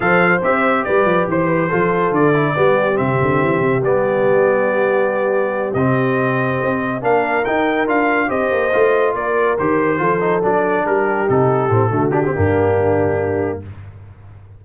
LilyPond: <<
  \new Staff \with { instrumentName = "trumpet" } { \time 4/4 \tempo 4 = 141 f''4 e''4 d''4 c''4~ | c''4 d''2 e''4~ | e''4 d''2.~ | d''4. dis''2~ dis''8~ |
dis''8 f''4 g''4 f''4 dis''8~ | dis''4. d''4 c''4.~ | c''8 d''4 ais'4 a'4.~ | a'8 g'2.~ g'8 | }
  \new Staff \with { instrumentName = "horn" } { \time 4/4 c''2 b'4 c''8 b'8 | a'2 g'2~ | g'1~ | g'1~ |
g'8 ais'2. c''8~ | c''4. ais'2 a'8~ | a'4. g'2~ g'8 | fis'4 d'2. | }
  \new Staff \with { instrumentName = "trombone" } { \time 4/4 a'4 g'2. | f'4. e'8 b4 c'4~ | c'4 b2.~ | b4. c'2~ c'8~ |
c'8 d'4 dis'4 f'4 g'8~ | g'8 f'2 g'4 f'8 | dis'8 d'2 dis'4 c'8 | a8 d'16 c'16 ais2. | }
  \new Staff \with { instrumentName = "tuba" } { \time 4/4 f4 c'4 g8 f8 e4 | f4 d4 g4 c8 d8 | e8 c8 g2.~ | g4. c2 c'8~ |
c'8 ais4 dis'4 d'4 c'8 | ais8 a4 ais4 dis4 f8~ | f8 fis4 g4 c4 a,8 | d4 g,2. | }
>>